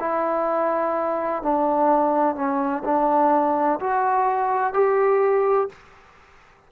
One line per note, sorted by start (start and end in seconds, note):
0.00 1.42 E4
1.42 2.35 D4
2.35 2.83 C#4
2.84 3.80 D4
3.80 4.74 F#4
4.74 5.69 G4